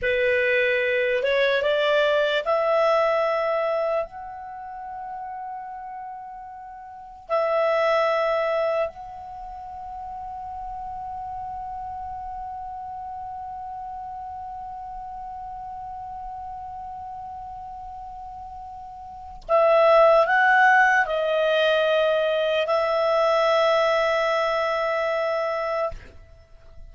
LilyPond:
\new Staff \with { instrumentName = "clarinet" } { \time 4/4 \tempo 4 = 74 b'4. cis''8 d''4 e''4~ | e''4 fis''2.~ | fis''4 e''2 fis''4~ | fis''1~ |
fis''1~ | fis''1 | e''4 fis''4 dis''2 | e''1 | }